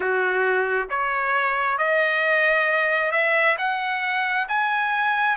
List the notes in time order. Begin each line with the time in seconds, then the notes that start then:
0.00 F#4
0.90 C#5
1.78 D#5
3.11 E5
3.58 F#5
4.48 G#5